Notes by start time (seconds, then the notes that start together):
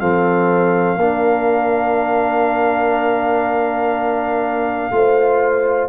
0.00 F3 C4 A4 F5
0.97 A#3 D4 A#4
4.91 A3 F4 C5